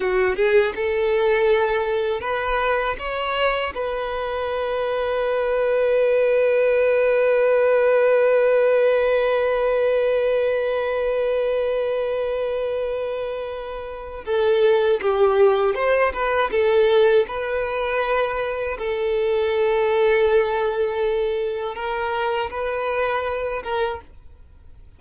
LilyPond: \new Staff \with { instrumentName = "violin" } { \time 4/4 \tempo 4 = 80 fis'8 gis'8 a'2 b'4 | cis''4 b'2.~ | b'1~ | b'1~ |
b'2. a'4 | g'4 c''8 b'8 a'4 b'4~ | b'4 a'2.~ | a'4 ais'4 b'4. ais'8 | }